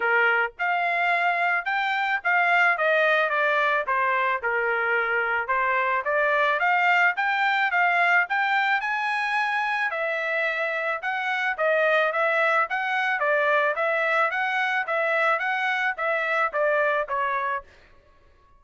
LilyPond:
\new Staff \with { instrumentName = "trumpet" } { \time 4/4 \tempo 4 = 109 ais'4 f''2 g''4 | f''4 dis''4 d''4 c''4 | ais'2 c''4 d''4 | f''4 g''4 f''4 g''4 |
gis''2 e''2 | fis''4 dis''4 e''4 fis''4 | d''4 e''4 fis''4 e''4 | fis''4 e''4 d''4 cis''4 | }